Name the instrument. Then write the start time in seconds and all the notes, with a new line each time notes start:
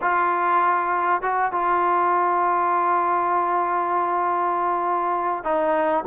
trombone
0.01 F4
1.22 F#4
1.52 F4
5.44 D#4